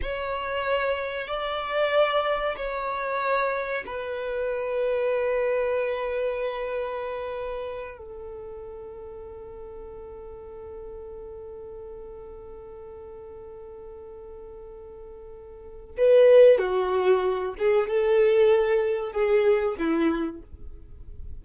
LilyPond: \new Staff \with { instrumentName = "violin" } { \time 4/4 \tempo 4 = 94 cis''2 d''2 | cis''2 b'2~ | b'1~ | b'8 a'2.~ a'8~ |
a'1~ | a'1~ | a'4 b'4 fis'4. gis'8 | a'2 gis'4 e'4 | }